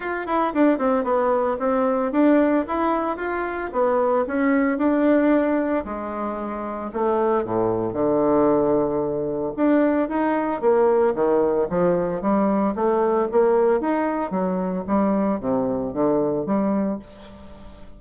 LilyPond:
\new Staff \with { instrumentName = "bassoon" } { \time 4/4 \tempo 4 = 113 f'8 e'8 d'8 c'8 b4 c'4 | d'4 e'4 f'4 b4 | cis'4 d'2 gis4~ | gis4 a4 a,4 d4~ |
d2 d'4 dis'4 | ais4 dis4 f4 g4 | a4 ais4 dis'4 fis4 | g4 c4 d4 g4 | }